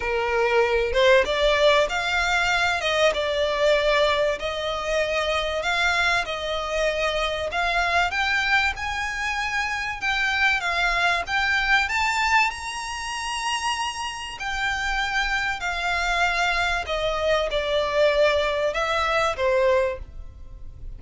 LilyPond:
\new Staff \with { instrumentName = "violin" } { \time 4/4 \tempo 4 = 96 ais'4. c''8 d''4 f''4~ | f''8 dis''8 d''2 dis''4~ | dis''4 f''4 dis''2 | f''4 g''4 gis''2 |
g''4 f''4 g''4 a''4 | ais''2. g''4~ | g''4 f''2 dis''4 | d''2 e''4 c''4 | }